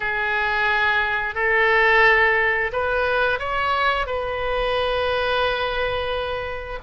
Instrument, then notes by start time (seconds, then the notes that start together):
oboe
0.00 G#4
1.35 A4
2.72 B4
3.39 C#5
4.06 B4